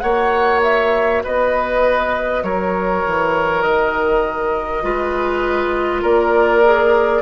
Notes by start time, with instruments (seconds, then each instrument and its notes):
0.00 bassoon A#3, clarinet F#4, oboe C#5, flute F#5
0.63 flute E5
1.24 bassoon B3, oboe B4, flute D#5
2.43 bassoon F#3, oboe A#4, flute C#5
3.07 bassoon E3
3.62 bassoon D#3, flute D#5
4.82 bassoon G#3, clarinet F4, oboe B4
6.02 bassoon A#3, oboe A#4, flute D5
6.64 clarinet G#4